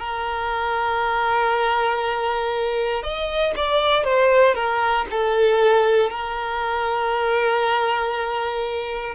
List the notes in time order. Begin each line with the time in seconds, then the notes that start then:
0.00 A#4
3.03 D#5
3.56 D5
4.04 C5
4.55 A#4
5.11 A4
6.11 A#4